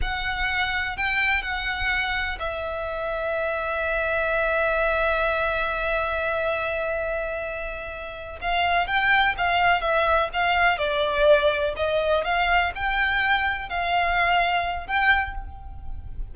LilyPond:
\new Staff \with { instrumentName = "violin" } { \time 4/4 \tempo 4 = 125 fis''2 g''4 fis''4~ | fis''4 e''2.~ | e''1~ | e''1~ |
e''4. f''4 g''4 f''8~ | f''8 e''4 f''4 d''4.~ | d''8 dis''4 f''4 g''4.~ | g''8 f''2~ f''8 g''4 | }